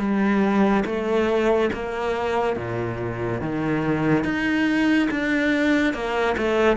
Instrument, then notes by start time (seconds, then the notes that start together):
cello
0.00 G3
0.86 A3
1.74 A#3
2.57 A#2
3.41 D#3
4.24 D#4
5.11 D4
5.94 A#3
6.38 A3